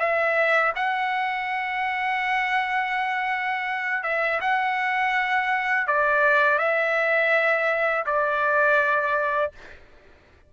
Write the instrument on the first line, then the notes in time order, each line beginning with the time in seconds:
trumpet
0.00 E5
0.76 F#5
4.03 E5
4.41 F#5
5.88 D5
6.59 E5
8.06 D5